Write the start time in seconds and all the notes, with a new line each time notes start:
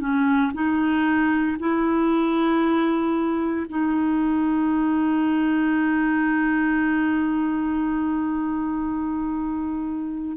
0.00 C#4
0.54 D#4
1.60 E4
3.69 D#4